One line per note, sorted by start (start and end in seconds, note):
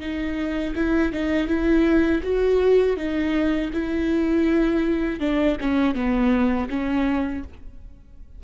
0.00 0.74 D#4
0.75 1.12 E4
1.12 1.47 D#4
1.47 2.22 E4
2.23 2.97 F#4
2.97 3.71 D#4
3.73 5.20 E4
5.20 5.57 D4
5.61 5.95 C#4
5.95 6.69 B3
6.69 7.43 C#4